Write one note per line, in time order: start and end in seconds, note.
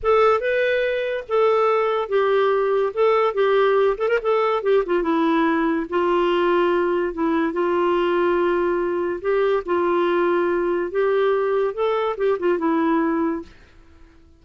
0.02 0.40 A4
0.40 1.24 B4
1.28 2.08 A4
2.08 2.92 G4
2.93 3.34 A4
3.34 3.97 G4
3.97 4.08 A4
4.08 4.18 A#4
4.22 4.62 A4
4.62 4.83 G4
4.86 5.02 F4
5.02 5.86 E4
5.89 7.13 F4
7.13 7.52 E4
7.52 9.20 F4
9.21 9.63 G4
9.65 10.91 F4
10.91 11.74 G4
11.74 12.16 A4
12.17 12.38 G4
12.39 12.58 F4
12.58 13.42 E4